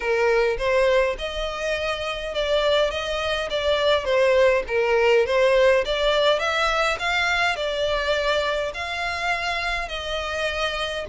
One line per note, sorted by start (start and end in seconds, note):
0.00 0.57 A#4
0.58 1.16 C5
1.18 2.34 D#5
2.34 2.90 D5
2.90 3.49 D#5
3.50 4.05 D5
4.05 4.63 C5
4.67 5.26 A#4
5.26 5.84 C5
5.85 6.39 D5
6.39 6.97 E5
6.99 7.56 F5
7.56 8.72 D5
8.74 9.88 F5
9.88 11.05 D#5